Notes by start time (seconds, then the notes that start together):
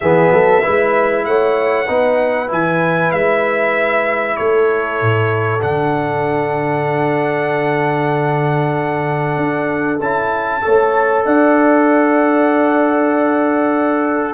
0.00 E3 B3 G#4 E5
0.30 F#3 A4
0.62 G#3 E4 B4
1.24 A3 C#5 F#5
1.86 B3 D#4 B4
2.47 E3 E4 G#5
3.11 G#3 E5
4.36 A3 A4 C#5
5.01 A2
5.61 D3 D4 F#5
9.37 D4
9.99 C#4 E4 A5
10.61 A3 A4 C#5
11.25 D4 D5 F#5